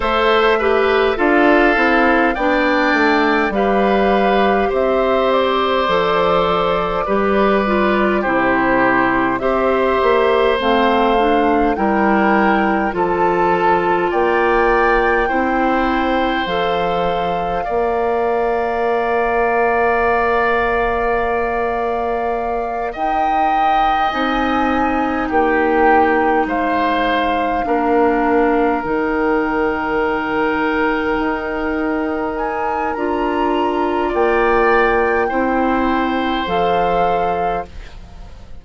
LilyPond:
<<
  \new Staff \with { instrumentName = "flute" } { \time 4/4 \tempo 4 = 51 e''4 f''4 g''4 f''4 | e''8 d''2~ d''8 c''4 | e''4 f''4 g''4 a''4 | g''2 f''2~ |
f''2.~ f''8 g''8~ | g''8 gis''4 g''4 f''4.~ | f''8 g''2. gis''8 | ais''4 g''2 f''4 | }
  \new Staff \with { instrumentName = "oboe" } { \time 4/4 c''8 b'8 a'4 d''4 b'4 | c''2 b'4 g'4 | c''2 ais'4 a'4 | d''4 c''2 d''4~ |
d''2.~ d''8 dis''8~ | dis''4. g'4 c''4 ais'8~ | ais'1~ | ais'4 d''4 c''2 | }
  \new Staff \with { instrumentName = "clarinet" } { \time 4/4 a'8 g'8 f'8 e'8 d'4 g'4~ | g'4 a'4 g'8 f'8 e'4 | g'4 c'8 d'8 e'4 f'4~ | f'4 e'4 a'4 ais'4~ |
ais'1~ | ais'8 dis'2. d'8~ | d'8 dis'2.~ dis'8 | f'2 e'4 a'4 | }
  \new Staff \with { instrumentName = "bassoon" } { \time 4/4 a4 d'8 c'8 b8 a8 g4 | c'4 f4 g4 c4 | c'8 ais8 a4 g4 f4 | ais4 c'4 f4 ais4~ |
ais2.~ ais8 dis'8~ | dis'8 c'4 ais4 gis4 ais8~ | ais8 dis2 dis'4. | d'4 ais4 c'4 f4 | }
>>